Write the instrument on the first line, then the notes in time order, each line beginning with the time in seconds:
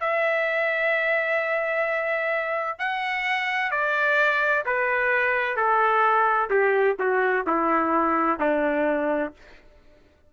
trumpet
0.00 E5
2.79 F#5
3.71 D5
4.66 B4
5.57 A4
6.50 G4
6.99 F#4
7.47 E4
8.40 D4